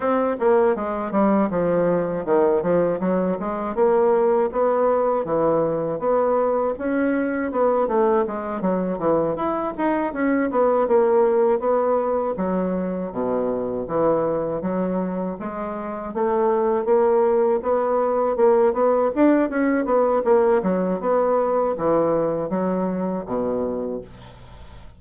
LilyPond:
\new Staff \with { instrumentName = "bassoon" } { \time 4/4 \tempo 4 = 80 c'8 ais8 gis8 g8 f4 dis8 f8 | fis8 gis8 ais4 b4 e4 | b4 cis'4 b8 a8 gis8 fis8 | e8 e'8 dis'8 cis'8 b8 ais4 b8~ |
b8 fis4 b,4 e4 fis8~ | fis8 gis4 a4 ais4 b8~ | b8 ais8 b8 d'8 cis'8 b8 ais8 fis8 | b4 e4 fis4 b,4 | }